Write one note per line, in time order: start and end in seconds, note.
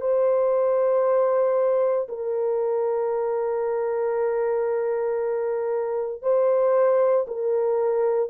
0.00 2.07 C5
2.08 6.22 A#4
6.22 7.26 C5
7.27 8.29 A#4